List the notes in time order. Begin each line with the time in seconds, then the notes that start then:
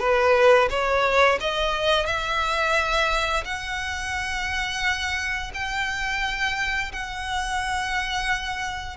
0.00 B4
0.70 C#5
1.41 D#5
2.06 E5
3.45 F#5
5.54 G5
6.92 F#5